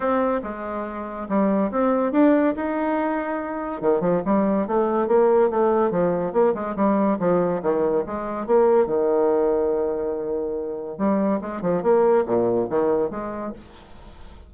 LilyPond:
\new Staff \with { instrumentName = "bassoon" } { \time 4/4 \tempo 4 = 142 c'4 gis2 g4 | c'4 d'4 dis'2~ | dis'4 dis8 f8 g4 a4 | ais4 a4 f4 ais8 gis8 |
g4 f4 dis4 gis4 | ais4 dis2.~ | dis2 g4 gis8 f8 | ais4 ais,4 dis4 gis4 | }